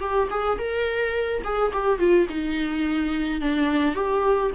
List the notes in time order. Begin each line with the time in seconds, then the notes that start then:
0.00 G4
0.30 G#4
0.58 A#4
1.44 G#4
1.73 G4
1.99 F4
2.29 D#4
3.41 D4
3.95 G4